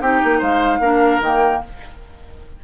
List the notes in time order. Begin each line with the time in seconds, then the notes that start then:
0.00 C4 D#4 G4 G5
0.24 A#3
0.38 G#3 C5 F5
0.79 A#3 D4 A#4
1.20 D#3 A#3 G5